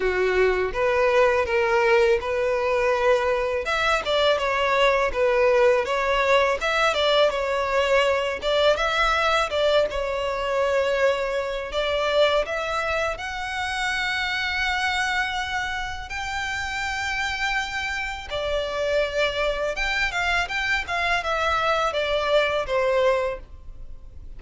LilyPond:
\new Staff \with { instrumentName = "violin" } { \time 4/4 \tempo 4 = 82 fis'4 b'4 ais'4 b'4~ | b'4 e''8 d''8 cis''4 b'4 | cis''4 e''8 d''8 cis''4. d''8 | e''4 d''8 cis''2~ cis''8 |
d''4 e''4 fis''2~ | fis''2 g''2~ | g''4 d''2 g''8 f''8 | g''8 f''8 e''4 d''4 c''4 | }